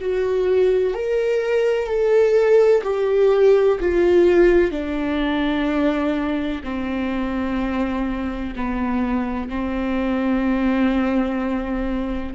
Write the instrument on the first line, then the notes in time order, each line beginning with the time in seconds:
viola
0.00 F#4
0.94 A#4
1.87 A4
2.83 G4
3.80 F4
4.71 D4
6.63 C4
8.56 B3
9.49 C4